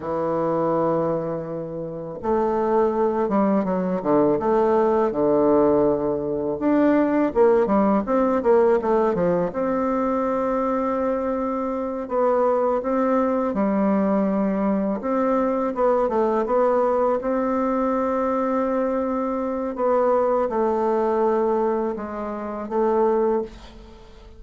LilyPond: \new Staff \with { instrumentName = "bassoon" } { \time 4/4 \tempo 4 = 82 e2. a4~ | a8 g8 fis8 d8 a4 d4~ | d4 d'4 ais8 g8 c'8 ais8 | a8 f8 c'2.~ |
c'8 b4 c'4 g4.~ | g8 c'4 b8 a8 b4 c'8~ | c'2. b4 | a2 gis4 a4 | }